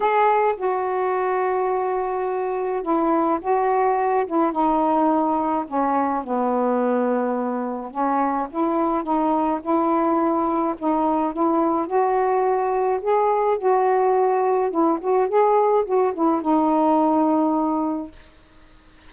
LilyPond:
\new Staff \with { instrumentName = "saxophone" } { \time 4/4 \tempo 4 = 106 gis'4 fis'2.~ | fis'4 e'4 fis'4. e'8 | dis'2 cis'4 b4~ | b2 cis'4 e'4 |
dis'4 e'2 dis'4 | e'4 fis'2 gis'4 | fis'2 e'8 fis'8 gis'4 | fis'8 e'8 dis'2. | }